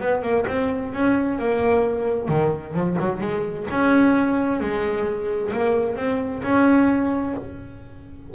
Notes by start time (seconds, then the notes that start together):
0.00 B3
0.22 A#3
0.47 C4
0.93 C#4
1.38 A#3
2.28 D#3
2.74 F3
2.99 F#3
3.20 G#3
3.70 C#4
4.60 G#3
5.52 A#3
5.96 C4
6.42 C#4